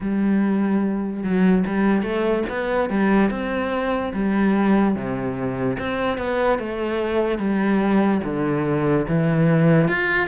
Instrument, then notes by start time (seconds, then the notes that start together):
cello
0.00 G3
1.23 F#3
1.66 G3
2.02 A3
2.49 B3
2.89 G3
3.30 C4
4.13 G3
4.95 C3
5.78 C4
6.17 B3
6.59 A3
7.38 G3
8.24 D3
9.07 E3
9.87 F4